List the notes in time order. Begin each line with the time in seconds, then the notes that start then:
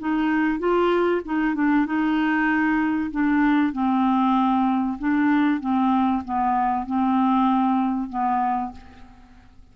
0.00 D#4
0.59 F4
1.25 D#4
1.55 D4
1.86 D#4
3.12 D4
3.73 C4
4.99 D4
5.61 C4
6.25 B3
6.87 C4
8.10 B3